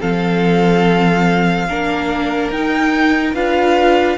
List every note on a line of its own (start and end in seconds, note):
0.00 1.69 F3
0.00 1.67 C4
0.00 1.67 A4
0.00 2.51 F5
1.68 2.50 A#3
1.68 2.53 D4
1.68 3.35 A#4
2.50 3.34 D#4
2.50 3.35 D#4
2.50 3.35 G5
3.34 4.18 D4
3.34 4.18 F4
3.34 4.18 B4
3.34 4.18 F5